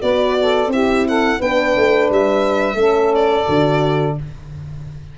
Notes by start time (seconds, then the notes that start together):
0.00 B3 F#4 B4 D5
0.42 A4
0.68 C4 E4 G4 E5
1.08 A4 F#5
1.39 B3 D4 B4 G5
1.77 A3
2.10 G3 E5
2.75 A3 C#4
2.81 A4
3.15 D5
3.46 D3 F#4